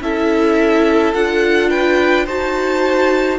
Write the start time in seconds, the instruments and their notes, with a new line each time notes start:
0.00 cello C#4, viola E4, violin A4 E5
1.13 cello D4, viola F4, violin F#5
1.69 violin B4 G5
2.25 cello D#4, viola F#4, violin C5 A5